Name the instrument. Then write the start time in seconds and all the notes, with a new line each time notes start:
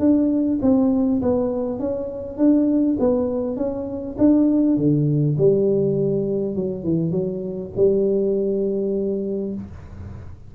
tuba
0.00 D4
0.62 C4
1.22 B3
1.80 C#4
2.38 D4
3.00 B3
3.57 C#4
4.19 D4
4.78 D3
5.38 G3
6.56 F#3
6.84 E3
7.12 F#3
7.77 G3